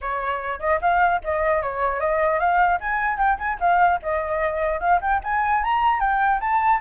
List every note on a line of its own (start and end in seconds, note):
0.01 0.59 C#5
0.59 0.79 D#5
0.81 1.21 F5
1.23 1.62 D#5
1.62 1.99 C#5
1.99 2.39 D#5
2.39 2.79 F5
2.80 3.18 G#5
3.18 3.38 G5
3.38 3.58 G#5
3.60 4.00 F5
4.02 4.80 D#5
4.80 5.00 F5
5.01 5.21 G5
5.23 5.63 G#5
5.63 6.00 A#5
6.00 6.40 G5
6.40 6.80 A5